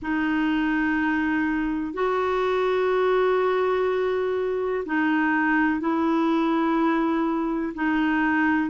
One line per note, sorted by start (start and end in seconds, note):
0.02 1.93 D#4
1.93 4.83 F#4
4.85 5.80 D#4
5.80 7.73 E4
7.74 8.70 D#4